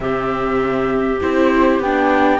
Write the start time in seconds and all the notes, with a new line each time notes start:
0.00 C3 C4 G4 E5
1.21 C4 E4 C5
1.79 B3 D4 G5